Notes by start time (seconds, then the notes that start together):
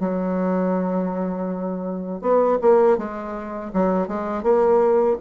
0.00 F#3
2.22 B3
2.62 A#3
2.98 G#3
3.74 F#3
4.08 G#3
4.43 A#3